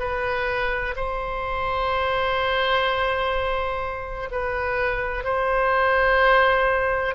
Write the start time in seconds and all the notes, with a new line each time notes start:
0.00 B4
0.97 C5
4.32 B4
5.25 C5